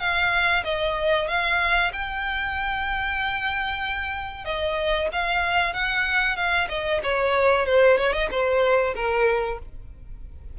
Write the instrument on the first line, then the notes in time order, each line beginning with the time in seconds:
violin
0.00 F5
0.64 D#5
1.28 F5
1.93 G5
4.45 D#5
5.13 F5
5.74 F#5
6.37 F5
6.69 D#5
7.03 C#5
7.66 C5
7.98 C#5
8.13 D#5
8.31 C5
8.95 A#4